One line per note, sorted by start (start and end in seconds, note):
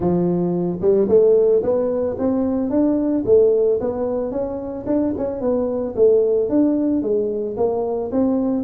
0.00 0.79 F3
0.81 1.08 G3
1.08 1.62 A3
1.62 2.16 B3
2.18 2.70 C4
2.70 3.24 D4
3.25 3.79 A3
3.80 4.31 B3
4.31 4.85 C#4
4.86 5.13 D4
5.17 5.40 C#4
5.40 5.94 B3
5.95 6.49 A3
6.49 7.02 D4
7.02 7.56 G#3
7.57 8.11 A#3
8.11 8.63 C4